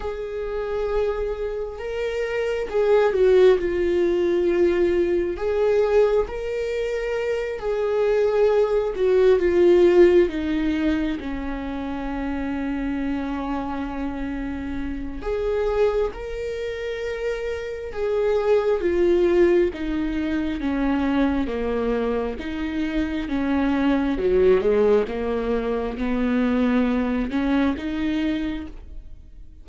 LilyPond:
\new Staff \with { instrumentName = "viola" } { \time 4/4 \tempo 4 = 67 gis'2 ais'4 gis'8 fis'8 | f'2 gis'4 ais'4~ | ais'8 gis'4. fis'8 f'4 dis'8~ | dis'8 cis'2.~ cis'8~ |
cis'4 gis'4 ais'2 | gis'4 f'4 dis'4 cis'4 | ais4 dis'4 cis'4 fis8 gis8 | ais4 b4. cis'8 dis'4 | }